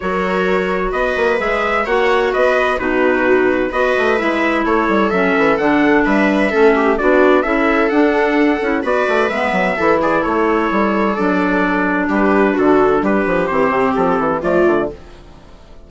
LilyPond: <<
  \new Staff \with { instrumentName = "trumpet" } { \time 4/4 \tempo 4 = 129 cis''2 dis''4 e''4 | fis''4 dis''4 b'2 | dis''4 e''4 cis''4 e''4 | fis''4 e''2 d''4 |
e''4 fis''2 d''4 | e''4. d''8 cis''2 | d''2 b'4 a'4 | b'4 c''4 a'4 d''4 | }
  \new Staff \with { instrumentName = "viola" } { \time 4/4 ais'2 b'2 | cis''4 b'4 fis'2 | b'2 a'2~ | a'4 b'4 a'8 g'8 fis'4 |
a'2. b'4~ | b'4 a'8 gis'8 a'2~ | a'2 g'4 fis'4 | g'2. f'4 | }
  \new Staff \with { instrumentName = "clarinet" } { \time 4/4 fis'2. gis'4 | fis'2 dis'2 | fis'4 e'2 cis'4 | d'2 cis'4 d'4 |
e'4 d'4. e'8 fis'4 | b4 e'2. | d'1~ | d'4 c'2 a4 | }
  \new Staff \with { instrumentName = "bassoon" } { \time 4/4 fis2 b8 ais8 gis4 | ais4 b4 b,2 | b8 a8 gis4 a8 g8 fis8 e8 | d4 g4 a4 b4 |
cis'4 d'4. cis'8 b8 a8 | gis8 fis8 e4 a4 g4 | fis2 g4 d4 | g8 f8 e8 c8 f8 e8 f8 d8 | }
>>